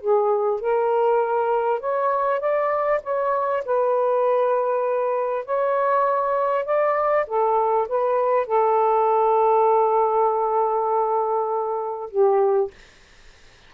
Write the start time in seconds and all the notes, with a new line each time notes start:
0.00 G#4
0.60 A#4
1.80 C#5
2.39 D5
3.03 C#5
3.65 B4
5.45 C#5
6.65 D5
7.26 A4
7.88 B4
8.46 A4
12.10 G4